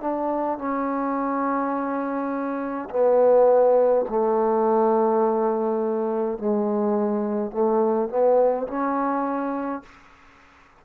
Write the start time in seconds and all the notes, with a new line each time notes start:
0.00 D4
0.58 C#4
2.90 B3
4.08 A3
6.38 G#3
7.51 A3
8.09 B3
8.67 C#4